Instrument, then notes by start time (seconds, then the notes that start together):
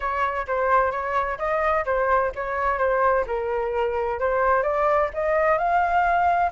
flute
0.00 C#5
0.47 C5
0.91 C#5
1.38 D#5
1.85 C5
2.35 C#5
2.78 C5
3.26 A#4
4.19 C5
4.63 D5
5.13 D#5
5.58 F5